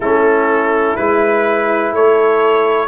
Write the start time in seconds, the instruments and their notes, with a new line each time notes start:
0.00 tuba A3, trombone C#4, horn E4, trumpet A4
0.96 tuba G#3, trombone E4, trumpet B4
1.92 tuba A3, horn A4, trumpet C#5